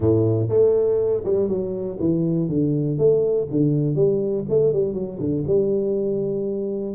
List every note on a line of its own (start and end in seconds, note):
0.00 0.48 A2
0.49 1.23 A3
1.24 1.48 G3
1.48 1.97 F#3
1.99 2.48 E3
2.48 2.98 D3
2.98 3.47 A3
3.50 3.95 D3
3.95 4.44 G3
4.49 4.72 A3
4.72 4.93 G3
4.93 5.18 F#3
5.19 5.44 D3
5.47 6.95 G3